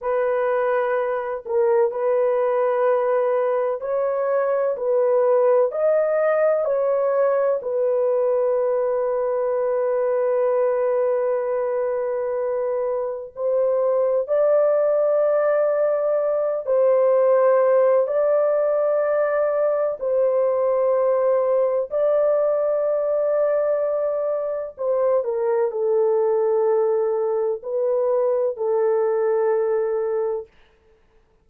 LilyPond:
\new Staff \with { instrumentName = "horn" } { \time 4/4 \tempo 4 = 63 b'4. ais'8 b'2 | cis''4 b'4 dis''4 cis''4 | b'1~ | b'2 c''4 d''4~ |
d''4. c''4. d''4~ | d''4 c''2 d''4~ | d''2 c''8 ais'8 a'4~ | a'4 b'4 a'2 | }